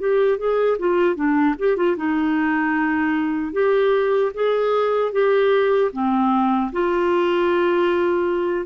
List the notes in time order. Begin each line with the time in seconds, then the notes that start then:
0.00 G4
0.38 G#4
0.79 F4
1.16 D4
1.59 G4
1.77 F4
1.97 D#4
3.53 G4
4.35 G#4
5.13 G4
5.93 C4
6.72 F4